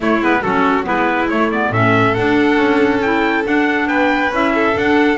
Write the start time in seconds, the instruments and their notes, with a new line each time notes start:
0.00 clarinet A3, double bass A3, violin E4, trumpet C#5
0.21 double bass G#3, clarinet B3, trumpet B4
0.42 double bass F#3, clarinet C#4, violin F#4, trumpet A4
0.83 double bass G#3, clarinet B3, violin E4, trumpet B4
1.29 clarinet A3, double bass A3, trumpet C#5
1.51 clarinet B3, trumpet D5
1.70 double bass A2, clarinet C#4, violin A4, trumpet E5
2.14 clarinet D4, double bass D4, trumpet F#5
2.56 double bass C#4
3.01 clarinet E4, trumpet G5
3.44 clarinet D4, double bass D4, trumpet F#5
3.86 double bass B3, violin B4, trumpet G5
4.30 double bass C#4, clarinet E4, trumpet E5
4.54 violin A4
4.73 clarinet D4, double bass D4, trumpet F#5